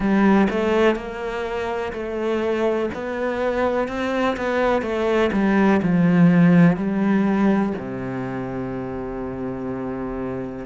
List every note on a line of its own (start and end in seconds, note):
0.00 0.47 G3
0.50 0.95 A3
0.95 1.92 A#3
1.92 2.89 A3
2.94 3.88 B3
3.88 4.36 C4
4.36 4.81 B3
4.81 5.30 A3
5.32 5.80 G3
5.82 6.76 F3
6.76 7.73 G3
7.78 10.65 C3